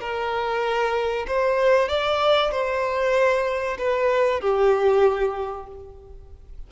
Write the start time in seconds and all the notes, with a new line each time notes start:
0.00 A#4
1.27 C5
1.89 D5
2.51 C5
3.78 B4
4.41 G4